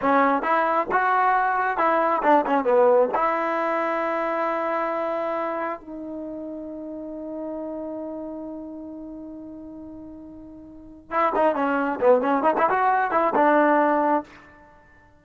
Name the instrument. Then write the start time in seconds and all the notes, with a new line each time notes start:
trombone
0.01 C#4
0.42 E4
0.91 F#4
1.77 E4
2.23 D4
2.46 C#4
2.64 B3
3.14 E4
5.80 D#4
11.10 E4
11.35 D#4
11.55 C#4
12.00 B3
12.21 C#4
12.42 D#4
12.58 E4
12.69 F#4
13.11 E4
13.34 D4